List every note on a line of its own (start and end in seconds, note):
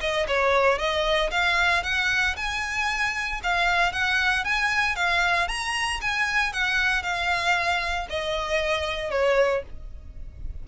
0.00 0.26 D#5
0.27 0.78 C#5
0.78 1.30 D#5
1.31 1.83 F5
1.83 2.35 F#5
2.36 3.40 G#5
3.43 3.92 F5
3.92 4.44 F#5
4.44 4.95 G#5
4.95 5.48 F5
5.48 6.00 A#5
6.01 6.52 G#5
6.52 7.02 F#5
7.02 8.07 F5
8.09 9.10 D#5
9.10 9.63 C#5